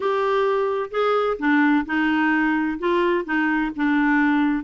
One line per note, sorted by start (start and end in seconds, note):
0.00 0.90 G4
0.90 1.37 G#4
1.38 1.85 D4
1.85 2.78 D#4
2.78 3.24 F4
3.24 3.71 D#4
3.75 4.63 D4